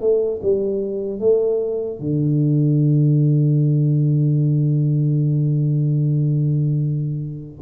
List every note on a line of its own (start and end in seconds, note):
0.00 0.40 A3
0.42 1.19 G3
1.19 1.99 A3
1.99 7.59 D3